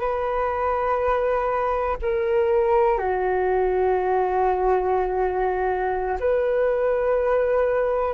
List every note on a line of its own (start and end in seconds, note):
0.00 1.97 B4
2.02 2.98 A#4
2.98 6.18 F#4
6.20 8.14 B4